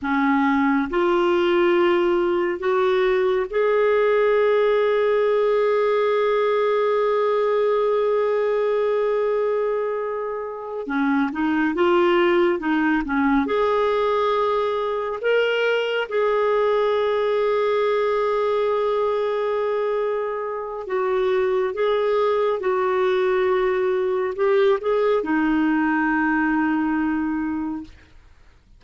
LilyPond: \new Staff \with { instrumentName = "clarinet" } { \time 4/4 \tempo 4 = 69 cis'4 f'2 fis'4 | gis'1~ | gis'1~ | gis'8 cis'8 dis'8 f'4 dis'8 cis'8 gis'8~ |
gis'4. ais'4 gis'4.~ | gis'1 | fis'4 gis'4 fis'2 | g'8 gis'8 dis'2. | }